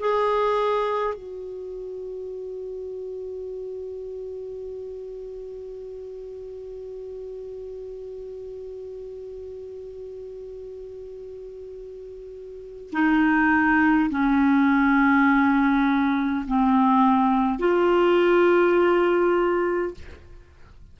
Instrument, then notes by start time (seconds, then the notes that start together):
clarinet
0.00 G#4
1.14 F#4
12.93 D#4
14.11 C#4
16.48 C4
17.59 F4